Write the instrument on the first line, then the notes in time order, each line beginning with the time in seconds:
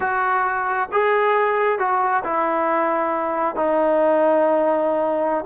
trombone
0.00 F#4
0.92 G#4
1.78 F#4
2.24 E4
3.55 D#4